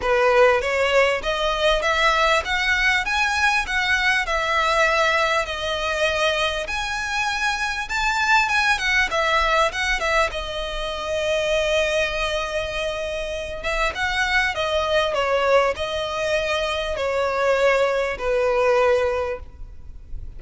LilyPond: \new Staff \with { instrumentName = "violin" } { \time 4/4 \tempo 4 = 99 b'4 cis''4 dis''4 e''4 | fis''4 gis''4 fis''4 e''4~ | e''4 dis''2 gis''4~ | gis''4 a''4 gis''8 fis''8 e''4 |
fis''8 e''8 dis''2.~ | dis''2~ dis''8 e''8 fis''4 | dis''4 cis''4 dis''2 | cis''2 b'2 | }